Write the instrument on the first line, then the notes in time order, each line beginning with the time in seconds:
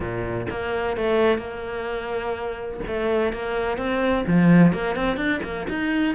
cello
0.00 A#2
0.50 A#3
0.97 A3
1.38 A#3
2.87 A3
3.33 A#3
3.77 C4
4.26 F3
4.72 A#3
4.95 C4
5.16 D4
5.43 A#3
5.69 D#4